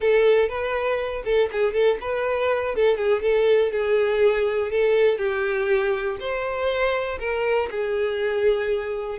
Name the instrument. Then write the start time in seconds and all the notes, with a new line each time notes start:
violin
0.00 A4
0.48 B4
1.25 A4
1.51 G#4
1.73 A4
2.01 B4
2.75 A4
2.97 G#4
3.21 A4
3.71 G#4
4.70 A4
5.18 G4
6.19 C5
7.19 A#4
7.70 G#4